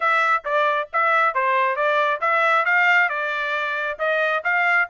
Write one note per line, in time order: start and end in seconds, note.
0.00 0.43 E5
0.44 0.88 D5
0.92 1.34 E5
1.34 1.76 C5
1.76 2.20 D5
2.21 2.65 E5
2.65 3.09 F5
3.09 3.97 D5
3.98 4.42 D#5
4.43 4.87 F5